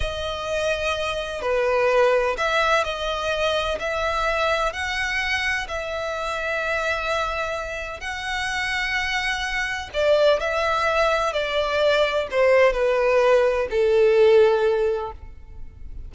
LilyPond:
\new Staff \with { instrumentName = "violin" } { \time 4/4 \tempo 4 = 127 dis''2. b'4~ | b'4 e''4 dis''2 | e''2 fis''2 | e''1~ |
e''4 fis''2.~ | fis''4 d''4 e''2 | d''2 c''4 b'4~ | b'4 a'2. | }